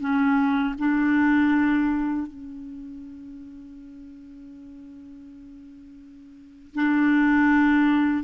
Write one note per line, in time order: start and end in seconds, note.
0.00 0.75 C#4
0.78 2.27 D4
2.27 6.75 C#4
6.75 8.24 D4